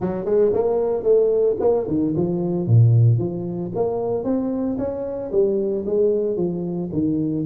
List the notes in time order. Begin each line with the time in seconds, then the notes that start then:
0.00 F#3
0.25 G#3
0.53 A#3
1.03 A3
1.59 A#3
1.87 D#3
2.16 F3
2.66 A#2
3.18 F3
3.75 A#3
4.23 C4
4.77 C#4
5.31 G3
5.86 G#3
6.36 F3
6.92 D#3